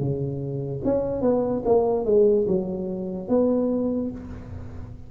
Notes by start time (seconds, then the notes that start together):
0.00 C#3
0.85 C#4
1.22 B3
1.66 A#3
2.05 G#3
2.48 F#3
3.29 B3